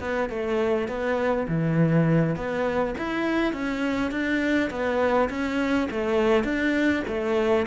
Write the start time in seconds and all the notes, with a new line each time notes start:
0.00 B3
0.30 A3
0.88 B3
1.48 E3
2.36 B3
2.98 E4
3.53 C#4
4.11 D4
4.70 B3
5.30 C#4
5.91 A3
6.44 D4
7.07 A3